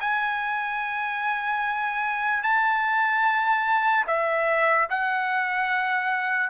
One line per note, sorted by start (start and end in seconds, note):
0.00 2.43 G#5
2.43 4.05 A5
4.07 4.88 E5
4.89 6.49 F#5